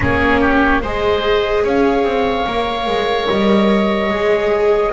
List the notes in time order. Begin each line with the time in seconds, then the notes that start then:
0.00 A#3 C#4 G#4 C#5
0.40 G4
0.81 G#3 G#4 C5 D#5
1.63 C#4 C#5 F5
2.04 C4
2.47 A#3 A#4
2.86 G#3
3.28 G3 D#5
4.09 G#3 G#4